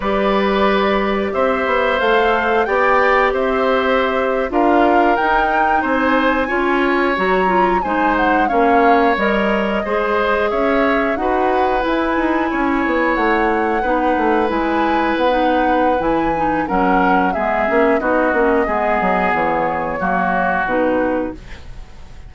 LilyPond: <<
  \new Staff \with { instrumentName = "flute" } { \time 4/4 \tempo 4 = 90 d''2 e''4 f''4 | g''4 e''4.~ e''16 f''4 g''16~ | g''8. gis''2 ais''4 gis''16~ | gis''16 fis''8 f''4 dis''2 e''16~ |
e''8. fis''4 gis''2 fis''16~ | fis''4.~ fis''16 gis''4 fis''4~ fis''16 | gis''4 fis''4 e''4 dis''4~ | dis''4 cis''2 b'4 | }
  \new Staff \with { instrumentName = "oboe" } { \time 4/4 b'2 c''2 | d''4 c''4.~ c''16 ais'4~ ais'16~ | ais'8. c''4 cis''2 c''16~ | c''8. cis''2 c''4 cis''16~ |
cis''8. b'2 cis''4~ cis''16~ | cis''8. b'2.~ b'16~ | b'4 ais'4 gis'4 fis'4 | gis'2 fis'2 | }
  \new Staff \with { instrumentName = "clarinet" } { \time 4/4 g'2. a'4 | g'2~ g'8. f'4 dis'16~ | dis'4.~ dis'16 f'4 fis'8 f'8 dis'16~ | dis'8. cis'4 ais'4 gis'4~ gis'16~ |
gis'8. fis'4 e'2~ e'16~ | e'8. dis'4 e'4~ e'16 dis'4 | e'8 dis'8 cis'4 b8 cis'8 dis'8 cis'8 | b2 ais4 dis'4 | }
  \new Staff \with { instrumentName = "bassoon" } { \time 4/4 g2 c'8 b8 a4 | b4 c'4.~ c'16 d'4 dis'16~ | dis'8. c'4 cis'4 fis4 gis16~ | gis8. ais4 g4 gis4 cis'16~ |
cis'8. dis'4 e'8 dis'8 cis'8 b8 a16~ | a8. b8 a8 gis4 b4~ b16 | e4 fis4 gis8 ais8 b8 ais8 | gis8 fis8 e4 fis4 b,4 | }
>>